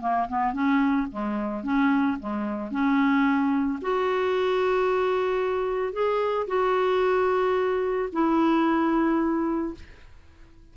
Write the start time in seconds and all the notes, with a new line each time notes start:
0.00 A#3
0.28 B3
0.53 C#4
1.11 G#3
1.63 C#4
2.19 G#3
2.71 C#4
3.81 F#4
5.93 G#4
6.47 F#4
8.12 E4